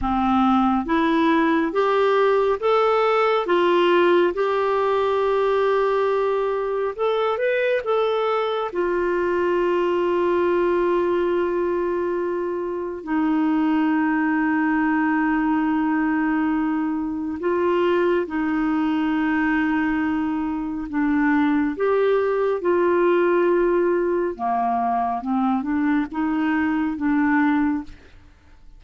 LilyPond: \new Staff \with { instrumentName = "clarinet" } { \time 4/4 \tempo 4 = 69 c'4 e'4 g'4 a'4 | f'4 g'2. | a'8 b'8 a'4 f'2~ | f'2. dis'4~ |
dis'1 | f'4 dis'2. | d'4 g'4 f'2 | ais4 c'8 d'8 dis'4 d'4 | }